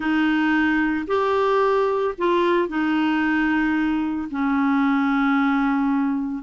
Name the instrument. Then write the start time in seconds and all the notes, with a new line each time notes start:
clarinet
0.00 D#4
1.07 G4
2.18 F4
2.68 D#4
4.30 C#4